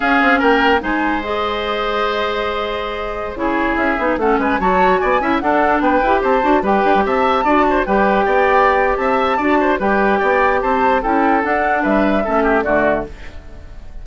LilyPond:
<<
  \new Staff \with { instrumentName = "flute" } { \time 4/4 \tempo 4 = 147 f''4 g''4 gis''4 dis''4~ | dis''1~ | dis''16 cis''4 e''4 fis''8 gis''8 a''8.~ | a''16 gis''4 fis''4 g''4 a''8.~ |
a''16 g''4 a''2 g''8.~ | g''2 a''2 | g''2 a''4 g''4 | fis''4 e''2 d''4 | }
  \new Staff \with { instrumentName = "oboe" } { \time 4/4 gis'4 ais'4 c''2~ | c''1~ | c''16 gis'2 a'8 b'8 cis''8.~ | cis''16 d''8 e''8 a'4 b'4 c''8.~ |
c''16 b'4 e''4 d''8 c''8 b'8.~ | b'16 d''4.~ d''16 e''4 d''8 c''8 | b'4 d''4 c''4 a'4~ | a'4 b'4 a'8 g'8 fis'4 | }
  \new Staff \with { instrumentName = "clarinet" } { \time 4/4 cis'2 dis'4 gis'4~ | gis'1~ | gis'16 e'4. dis'8 cis'4 fis'8.~ | fis'8. e'8 d'4. g'4 fis'16~ |
fis'16 g'2 fis'4 g'8.~ | g'2. fis'4 | g'2. e'4 | d'2 cis'4 a4 | }
  \new Staff \with { instrumentName = "bassoon" } { \time 4/4 cis'8 c'8 ais4 gis2~ | gis1~ | gis16 cis4 cis'8 b8 a8 gis8 fis8.~ | fis16 b8 cis'8 d'4 b8 e'8 c'8 d'16~ |
d'16 g8 d'16 g16 c'4 d'4 g8.~ | g16 b4.~ b16 c'4 d'4 | g4 b4 c'4 cis'4 | d'4 g4 a4 d4 | }
>>